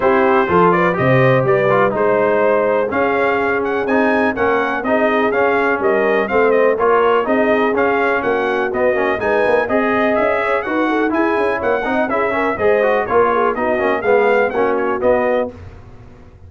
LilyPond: <<
  \new Staff \with { instrumentName = "trumpet" } { \time 4/4 \tempo 4 = 124 c''4. d''8 dis''4 d''4 | c''2 f''4. fis''8 | gis''4 fis''4 dis''4 f''4 | dis''4 f''8 dis''8 cis''4 dis''4 |
f''4 fis''4 dis''4 gis''4 | dis''4 e''4 fis''4 gis''4 | fis''4 e''4 dis''4 cis''4 | dis''4 f''4 fis''8 cis''8 dis''4 | }
  \new Staff \with { instrumentName = "horn" } { \time 4/4 g'4 a'8 b'8 c''4 b'4 | c''2 gis'2~ | gis'4 ais'4 gis'2 | ais'4 c''4 ais'4 gis'4~ |
gis'4 fis'2 b'4 | dis''4. cis''8 b'8 a'8 gis'4 | cis''8 dis''8 gis'8 ais'8 c''4 ais'8 gis'8 | fis'4 gis'4 fis'2 | }
  \new Staff \with { instrumentName = "trombone" } { \time 4/4 e'4 f'4 g'4. f'8 | dis'2 cis'2 | dis'4 cis'4 dis'4 cis'4~ | cis'4 c'4 f'4 dis'4 |
cis'2 b8 cis'8 dis'4 | gis'2 fis'4 e'4~ | e'8 dis'8 e'8 cis'8 gis'8 fis'8 f'4 | dis'8 cis'8 b4 cis'4 b4 | }
  \new Staff \with { instrumentName = "tuba" } { \time 4/4 c'4 f4 c4 g4 | gis2 cis'2 | c'4 ais4 c'4 cis'4 | g4 a4 ais4 c'4 |
cis'4 ais4 b8 ais8 gis8 ais8 | c'4 cis'4 dis'4 e'8 cis'8 | ais8 c'8 cis'4 gis4 ais4 | b8 ais8 gis4 ais4 b4 | }
>>